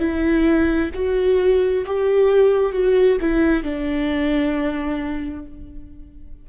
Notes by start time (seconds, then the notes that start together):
0.00 E4
0.95 F#4
1.86 G4
2.73 F#4
3.21 E4
3.64 D4